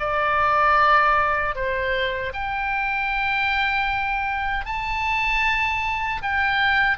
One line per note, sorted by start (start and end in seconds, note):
0.00 1.55 D5
1.55 2.33 C5
2.34 4.66 G5
4.66 6.22 A5
6.22 6.98 G5